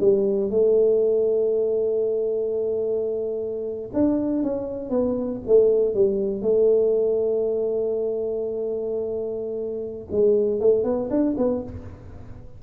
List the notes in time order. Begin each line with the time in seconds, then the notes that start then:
0.00 G3
0.50 A3
3.93 D4
4.43 C#4
4.89 B3
5.47 A3
5.94 G3
6.41 A3
10.11 G#3
10.60 A3
10.84 B3
11.10 D4
11.37 B3